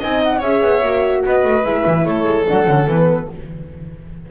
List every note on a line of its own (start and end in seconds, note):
0.00 0.42 C4
0.00 0.42 D#4
0.00 0.38 D#5
0.00 0.23 G#5
0.23 0.42 F#5
0.38 0.61 C#4
0.38 0.82 G#4
0.38 1.20 C#5
0.38 1.24 E5
0.61 0.82 B3
0.82 1.23 A#3
0.82 1.63 F#4
1.25 1.43 B3
1.25 2.07 B4
1.25 1.65 D#5
1.43 1.64 A3
1.63 1.85 G#3
1.63 2.45 E4
1.63 2.05 E5
1.86 2.05 E3
2.05 2.25 A3
2.05 3.30 A4
2.05 2.46 C#5
2.25 2.45 G#3
2.47 2.67 F#3
2.47 2.66 D4
2.47 2.89 F#5
2.66 2.87 D3
2.66 2.87 C#4
2.87 3.28 E3
2.87 3.31 B3
2.87 3.30 B4